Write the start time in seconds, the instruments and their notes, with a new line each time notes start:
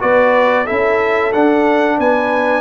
0.00 tuba B3, trombone F#4, horn B4, trumpet D5
0.65 tuba C#4, trombone E4, horn A4, trumpet E5
1.33 tuba D4, trombone D4, trumpet F#5
1.97 tuba B3, horn B4, trumpet G#5